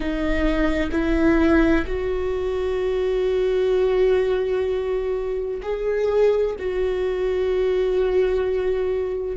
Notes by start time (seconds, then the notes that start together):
0.00 D#4
0.91 E4
1.86 F#4
5.62 G#4
6.58 F#4